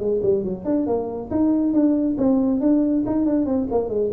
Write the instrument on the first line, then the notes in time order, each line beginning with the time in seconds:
tuba
0.00 G#3
0.23 G3
0.44 F#3
0.65 D4
0.87 A#3
1.31 D#4
1.74 D4
2.18 C4
2.61 D4
3.07 D#4
3.26 D4
3.46 C4
3.72 A#3
3.90 G#3